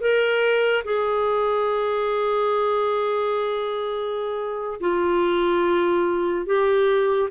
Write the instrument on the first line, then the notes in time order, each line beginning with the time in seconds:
clarinet
0.00 A#4
0.84 G#4
4.80 F4
6.45 G4